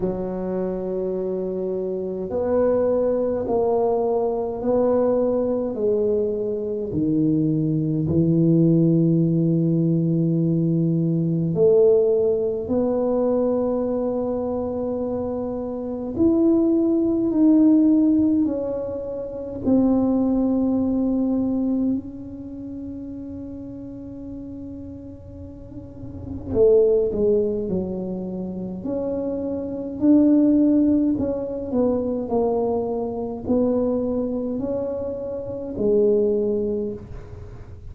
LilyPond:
\new Staff \with { instrumentName = "tuba" } { \time 4/4 \tempo 4 = 52 fis2 b4 ais4 | b4 gis4 dis4 e4~ | e2 a4 b4~ | b2 e'4 dis'4 |
cis'4 c'2 cis'4~ | cis'2. a8 gis8 | fis4 cis'4 d'4 cis'8 b8 | ais4 b4 cis'4 gis4 | }